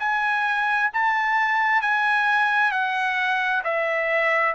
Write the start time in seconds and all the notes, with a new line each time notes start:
0.00 G#5
0.93 A5
1.82 G#5
2.72 F#5
3.64 E5